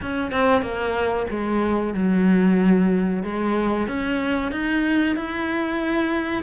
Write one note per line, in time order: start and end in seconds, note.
0.01 0.31 C#4
0.31 0.62 C4
0.62 1.26 A#3
1.29 1.94 G#3
1.94 3.23 F#3
3.23 3.87 G#3
3.87 4.51 C#4
4.51 5.16 D#4
5.16 6.43 E4